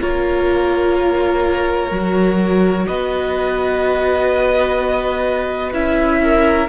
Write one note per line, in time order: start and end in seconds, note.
0.00 1.90 A#3
0.00 1.91 F4
0.00 2.86 A#4
0.00 2.87 C#5
1.90 2.86 F#3
1.90 5.73 F#4
2.87 5.73 B3
2.87 6.21 B4
2.87 5.73 D#5
5.73 6.68 C#4
5.73 6.68 E4
5.73 6.68 E5
6.23 6.68 A#4